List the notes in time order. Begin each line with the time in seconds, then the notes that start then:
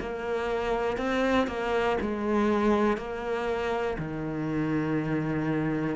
0.00 A#3
0.97 C4
1.47 A#3
2.01 G#3
2.97 A#3
3.98 D#3